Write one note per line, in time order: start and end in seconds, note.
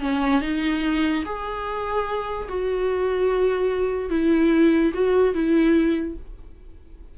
0.00 0.41 C#4
0.41 1.23 D#4
1.25 2.48 G#4
2.48 4.10 F#4
4.10 4.92 E4
4.94 5.34 F#4
5.34 6.16 E4